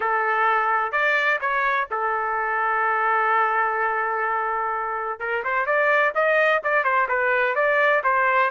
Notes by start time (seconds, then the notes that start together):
0.00 A4
0.92 D5
1.40 C#5
1.90 A4
5.19 A#4
5.44 C5
5.65 D5
6.14 D#5
6.63 D5
6.84 C5
7.08 B4
7.55 D5
8.03 C5